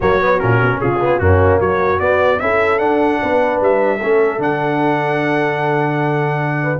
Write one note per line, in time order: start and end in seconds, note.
0.00 0.41 F#3
0.00 0.20 A#3
0.00 0.80 F#4
0.00 0.39 C#5
0.20 0.39 B3
0.39 0.61 A#2
0.39 0.99 C#4
0.39 0.79 A#4
0.61 0.81 B2
0.80 1.19 C#3
0.80 1.22 F4
0.80 1.19 G#4
1.00 1.20 B3
1.19 1.59 F#2
1.19 2.00 A#3
1.19 1.59 C#4
1.19 1.59 F#4
1.59 2.00 F#3
1.59 2.39 F#4
1.59 1.99 C#5
1.99 2.40 B3
1.99 2.39 D5
2.39 2.79 C#4
2.39 2.79 E4
2.39 3.21 A4
2.39 2.78 E5
2.78 3.19 D4
2.78 3.99 D4
2.78 3.58 F#5
3.21 3.61 B3
3.21 3.97 B4
3.61 4.00 G3
3.61 4.42 E5
3.97 4.38 A3
3.97 4.38 C#4
3.97 6.57 A4
4.38 6.78 D3
4.38 6.78 D4
4.38 6.80 F#5
6.62 6.80 B4